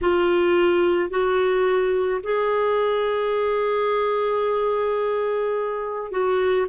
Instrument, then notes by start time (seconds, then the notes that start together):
clarinet
0.01 F4
1.10 F#4
2.23 G#4
6.11 F#4